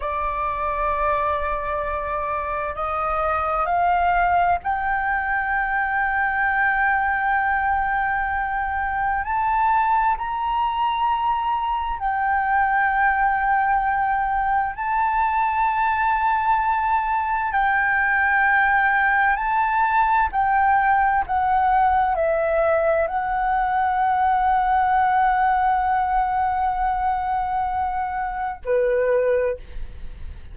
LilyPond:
\new Staff \with { instrumentName = "flute" } { \time 4/4 \tempo 4 = 65 d''2. dis''4 | f''4 g''2.~ | g''2 a''4 ais''4~ | ais''4 g''2. |
a''2. g''4~ | g''4 a''4 g''4 fis''4 | e''4 fis''2.~ | fis''2. b'4 | }